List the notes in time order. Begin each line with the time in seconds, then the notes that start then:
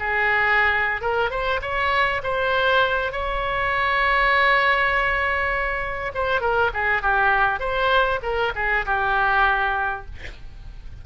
0.00 G#4
1.02 A#4
1.31 C5
1.62 C#5
2.24 C5
3.13 C#5
6.15 C5
6.41 A#4
6.74 G#4
7.02 G4
7.60 C5
8.23 A#4
8.56 G#4
8.86 G4